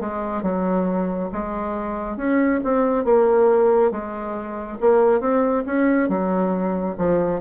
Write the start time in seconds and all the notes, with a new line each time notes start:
0.00 G#3
0.43 F#3
1.32 G#3
2.17 C#4
2.64 C4
3.05 A#3
3.91 G#3
4.80 A#3
5.20 C4
5.66 C#4
6.09 F#3
6.98 F3